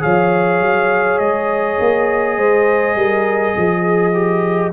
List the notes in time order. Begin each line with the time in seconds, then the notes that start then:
0.00 F3 G#4 C#5 F5
0.61 F#3
1.19 G#3 D#5
1.80 A#3
2.38 G#3 C5
2.95 G3 A#4
3.57 F3 G#4
4.14 G4